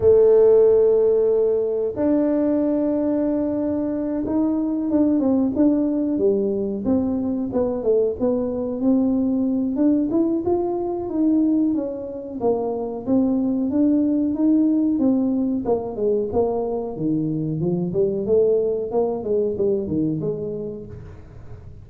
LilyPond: \new Staff \with { instrumentName = "tuba" } { \time 4/4 \tempo 4 = 92 a2. d'4~ | d'2~ d'8 dis'4 d'8 | c'8 d'4 g4 c'4 b8 | a8 b4 c'4. d'8 e'8 |
f'4 dis'4 cis'4 ais4 | c'4 d'4 dis'4 c'4 | ais8 gis8 ais4 dis4 f8 g8 | a4 ais8 gis8 g8 dis8 gis4 | }